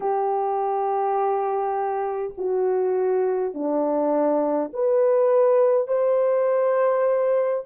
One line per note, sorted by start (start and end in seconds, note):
0.00 2.33 G4
2.37 3.53 F#4
3.53 4.71 D4
4.73 5.87 B4
5.87 7.64 C5